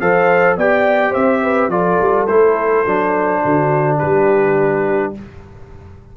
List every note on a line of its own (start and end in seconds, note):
0.00 0.57 F3
0.00 0.58 A4
0.00 0.57 C5
0.00 0.57 F5
0.57 1.14 B3
0.57 1.71 G4
0.57 1.10 D5
0.57 1.14 G5
1.10 1.68 C4
1.10 1.39 C5
1.10 1.70 E5
1.42 1.71 B4
1.68 1.97 F3
1.68 2.28 F4
1.68 3.42 A4
1.68 2.27 D5
2.01 2.28 G3
2.27 2.85 A3
2.27 2.86 E4
2.27 3.98 C5
2.86 3.43 F#3
2.86 5.15 D4
3.42 4.02 D3
3.42 3.97 F#4
3.97 5.16 G3
3.97 5.12 G4
3.97 5.13 B4